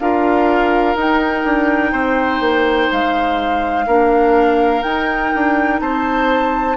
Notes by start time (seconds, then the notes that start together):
0.00 D4 F4 A#4 F5
0.96 D#4 G5
1.44 D4
1.92 C4 C5
2.40 A#3
2.92 G#3 F5
3.87 A#3 D4 A#4
4.83 D#4 G5
5.35 D4
5.80 C4 C5 A5